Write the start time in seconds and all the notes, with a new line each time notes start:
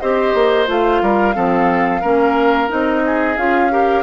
0.00 C4 G4 C5 D#5
0.34 A#3
0.66 A3 F4 F5
1.01 G3 A#4
1.34 F3 C4 A4
2.01 A#3 C#4 A#4
2.68 C4 D#4 D#5
3.05 G#4
3.37 C#4 F4 F5
3.70 G4 A#4